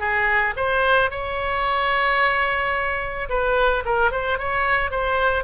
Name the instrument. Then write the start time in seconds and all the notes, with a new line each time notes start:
oboe
0.00 G#4
0.57 C5
1.11 C#5
3.30 B4
3.86 A#4
4.12 C5
4.39 C#5
4.91 C5